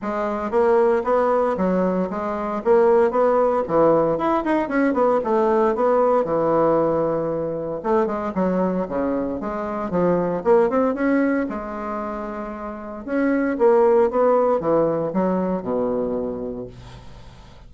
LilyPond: \new Staff \with { instrumentName = "bassoon" } { \time 4/4 \tempo 4 = 115 gis4 ais4 b4 fis4 | gis4 ais4 b4 e4 | e'8 dis'8 cis'8 b8 a4 b4 | e2. a8 gis8 |
fis4 cis4 gis4 f4 | ais8 c'8 cis'4 gis2~ | gis4 cis'4 ais4 b4 | e4 fis4 b,2 | }